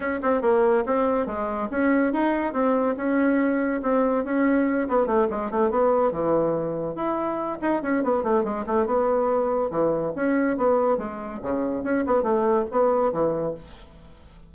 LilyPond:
\new Staff \with { instrumentName = "bassoon" } { \time 4/4 \tempo 4 = 142 cis'8 c'8 ais4 c'4 gis4 | cis'4 dis'4 c'4 cis'4~ | cis'4 c'4 cis'4. b8 | a8 gis8 a8 b4 e4.~ |
e8 e'4. dis'8 cis'8 b8 a8 | gis8 a8 b2 e4 | cis'4 b4 gis4 cis4 | cis'8 b8 a4 b4 e4 | }